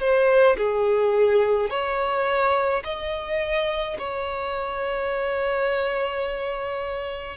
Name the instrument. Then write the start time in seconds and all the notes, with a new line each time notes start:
violin
0.00 C5
0.57 G#4
1.70 C#5
2.84 D#5
3.98 C#5